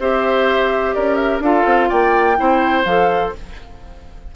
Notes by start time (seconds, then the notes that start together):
0.00 C4 G4 C5 E5
0.95 C#4 A#4 D5
1.15 E5
1.40 D4 F4 A4 F5
1.66 C4
1.89 A#3 D5 G5
2.37 C4 E4 C5
2.85 F3 A4 F5